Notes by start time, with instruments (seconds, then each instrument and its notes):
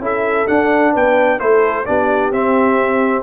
0.00 tuba C#4, trombone E4, horn A4, trumpet E5
0.47 trombone D4, tuba D4, trumpet F#5
0.93 tuba B3, horn B4, trumpet G5
1.39 tuba A3, trombone E4, horn A4, trumpet C5
1.86 tuba B3, trombone D4, horn G4, trumpet D5
2.32 tuba C4, trombone C4, trumpet E5